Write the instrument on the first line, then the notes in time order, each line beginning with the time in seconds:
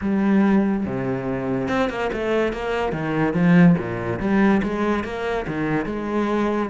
cello
0.01 G3
0.85 C3
1.68 C4
1.89 A#3
2.12 A3
2.53 A#3
2.92 D#3
3.33 F3
3.78 A#2
4.19 G3
4.62 G#3
5.04 A#3
5.47 D#3
5.85 G#3